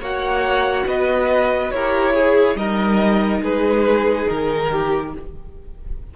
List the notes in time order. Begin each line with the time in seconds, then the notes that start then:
0.00 A#3 F#4 C#5 F#5
0.86 B3 B4 D#5
1.71 E4 G4 A#4 C#5
2.14 G#4
2.55 G3 D#4 A#4 D#5
3.41 G#3 G#4 B4
4.28 D#3 A#4
4.71 G4